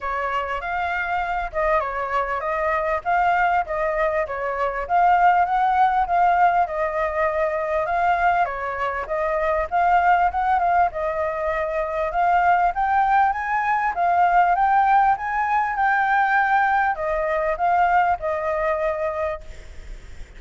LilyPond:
\new Staff \with { instrumentName = "flute" } { \time 4/4 \tempo 4 = 99 cis''4 f''4. dis''8 cis''4 | dis''4 f''4 dis''4 cis''4 | f''4 fis''4 f''4 dis''4~ | dis''4 f''4 cis''4 dis''4 |
f''4 fis''8 f''8 dis''2 | f''4 g''4 gis''4 f''4 | g''4 gis''4 g''2 | dis''4 f''4 dis''2 | }